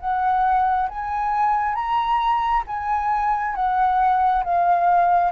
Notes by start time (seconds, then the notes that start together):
0.00 F#5
0.89 G#5
1.75 A#5
2.67 G#5
3.55 F#5
4.44 F5